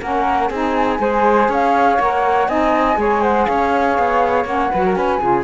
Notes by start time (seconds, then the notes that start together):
0.00 A#3 C#4 A#4 F#5
0.48 C4 D#4 G#4
0.55 G#5
0.99 G#3 G#4 C5
1.48 C#4 C#5 F5
1.99 A#3 A#4 F#5
2.48 C4 D#4 D#5 G#5
2.96 G#3 G#4 C#5
3.22 C5 F#5
3.46 C#4 C#5 F5
3.98 B3
4.45 A#3 C#4 F#5
4.72 F#3 F#4 B4
4.85 A#4
4.95 C#4 B4 G#5
5.19 C#3 F4 G#4